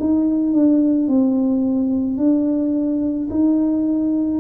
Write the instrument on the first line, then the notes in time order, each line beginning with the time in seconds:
tuba
0.00 D#4
0.53 D4
1.08 C4
2.17 D4
3.30 D#4